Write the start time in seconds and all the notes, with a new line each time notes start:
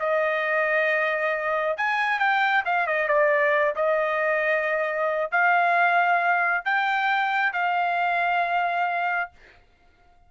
0.00 D#5
1.78 G#5
2.20 G5
2.66 F5
2.87 D#5
3.08 D5
3.76 D#5
5.32 F5
6.65 G5
7.53 F5